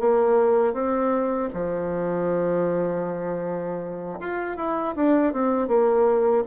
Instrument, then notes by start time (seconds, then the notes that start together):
bassoon
0.00 A#3
0.74 C4
1.54 F3
4.20 F4
4.57 E4
4.96 D4
5.33 C4
5.68 A#3